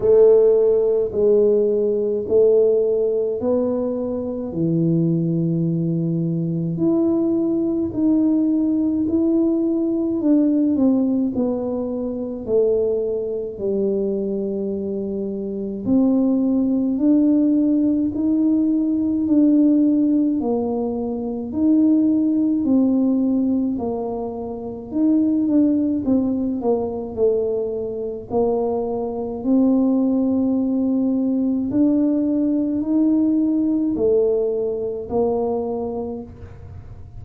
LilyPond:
\new Staff \with { instrumentName = "tuba" } { \time 4/4 \tempo 4 = 53 a4 gis4 a4 b4 | e2 e'4 dis'4 | e'4 d'8 c'8 b4 a4 | g2 c'4 d'4 |
dis'4 d'4 ais4 dis'4 | c'4 ais4 dis'8 d'8 c'8 ais8 | a4 ais4 c'2 | d'4 dis'4 a4 ais4 | }